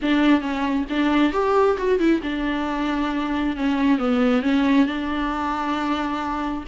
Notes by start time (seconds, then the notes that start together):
0.02 D4
0.40 C#4
0.89 D4
1.33 G4
1.77 F#4
1.99 E4
2.22 D4
3.56 C#4
3.98 B3
4.42 C#4
4.86 D4